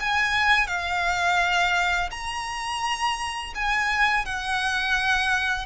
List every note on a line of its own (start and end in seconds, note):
0.00 0.67 G#5
0.67 2.10 F5
2.11 3.54 A#5
3.55 4.26 G#5
4.26 5.66 F#5